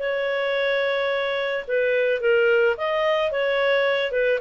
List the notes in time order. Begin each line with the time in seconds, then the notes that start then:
0.00 C#5
1.68 B4
2.21 A#4
2.78 D#5
3.32 C#5
4.12 B4